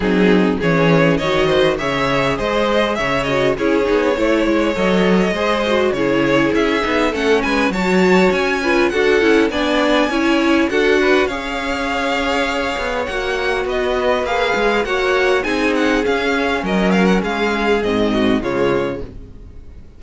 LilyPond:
<<
  \new Staff \with { instrumentName = "violin" } { \time 4/4 \tempo 4 = 101 gis'4 cis''4 dis''4 e''4 | dis''4 e''8 dis''8 cis''2 | dis''2 cis''4 e''4 | fis''8 gis''8 a''4 gis''4 fis''4 |
gis''2 fis''4 f''4~ | f''2 fis''4 dis''4 | f''4 fis''4 gis''8 fis''8 f''4 | dis''8 f''16 fis''16 f''4 dis''4 cis''4 | }
  \new Staff \with { instrumentName = "violin" } { \time 4/4 dis'4 gis'4 cis''8 c''8 cis''4 | c''4 cis''4 gis'4 cis''4~ | cis''4 c''4 gis'2 | a'8 b'8 cis''4. b'8 a'4 |
d''4 cis''4 a'8 b'8 cis''4~ | cis''2. b'4~ | b'4 cis''4 gis'2 | ais'4 gis'4. fis'8 f'4 | }
  \new Staff \with { instrumentName = "viola" } { \time 4/4 c'4 cis'4 fis'4 gis'4~ | gis'4. fis'8 e'8 dis'8 e'4 | a'4 gis'8 fis'8 e'4. dis'8 | cis'4 fis'4. f'8 fis'8 e'8 |
d'4 e'4 fis'4 gis'4~ | gis'2 fis'2 | gis'4 fis'4 dis'4 cis'4~ | cis'2 c'4 gis4 | }
  \new Staff \with { instrumentName = "cello" } { \time 4/4 fis4 e4 dis4 cis4 | gis4 cis4 cis'8 b8 a8 gis8 | fis4 gis4 cis4 cis'8 b8 | a8 gis8 fis4 cis'4 d'8 cis'8 |
b4 cis'4 d'4 cis'4~ | cis'4. b8 ais4 b4 | ais8 gis8 ais4 c'4 cis'4 | fis4 gis4 gis,4 cis4 | }
>>